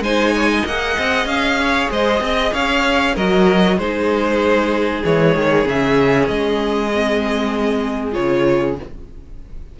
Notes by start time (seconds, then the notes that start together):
0.00 G#3 D#4 C5 G#5
0.35 C#5
0.51 D#5
0.66 A#3 G#4 F#5
0.99 C4
1.25 C#4 F5
1.60 C#5
1.91 G#3 C5 D#5
2.20 C4 D#5
2.53 C#4 C#5 F5
3.14 F#3 F#4 A#4 D#5
3.78 G#3 D#4 G#4 C5
5.03 E3 G#3 C#5
5.36 D#3
5.63 C#3 C#4 E5
6.28 G#3 D#5
6.94 C4
8.12 C#3 F4 C#5